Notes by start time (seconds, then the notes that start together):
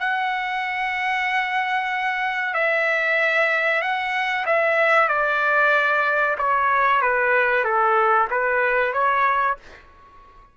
0.00 F#5
2.54 E5
3.82 F#5
4.47 E5
5.09 D5
6.38 C#5
7.02 B4
7.65 A4
8.31 B4
8.94 C#5